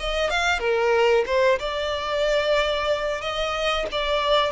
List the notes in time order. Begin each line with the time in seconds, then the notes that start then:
0.00 D#5
0.30 F5
0.59 A#4
1.26 C5
1.59 D5
3.21 D#5
3.92 D5